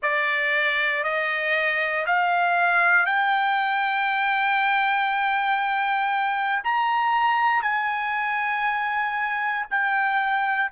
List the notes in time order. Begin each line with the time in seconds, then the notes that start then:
0.02 D5
1.04 D#5
2.06 F5
3.06 G5
6.63 A#5
7.62 G#5
9.70 G5